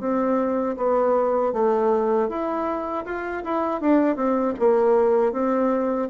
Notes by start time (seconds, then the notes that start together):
0.00 C4
0.77 B3
1.53 A3
2.29 E4
3.05 F4
3.44 E4
3.81 D4
4.16 C4
4.59 A#3
5.32 C4